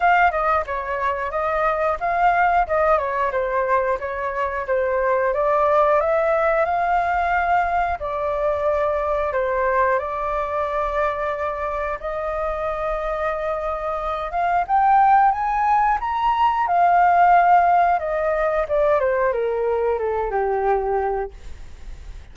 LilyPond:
\new Staff \with { instrumentName = "flute" } { \time 4/4 \tempo 4 = 90 f''8 dis''8 cis''4 dis''4 f''4 | dis''8 cis''8 c''4 cis''4 c''4 | d''4 e''4 f''2 | d''2 c''4 d''4~ |
d''2 dis''2~ | dis''4. f''8 g''4 gis''4 | ais''4 f''2 dis''4 | d''8 c''8 ais'4 a'8 g'4. | }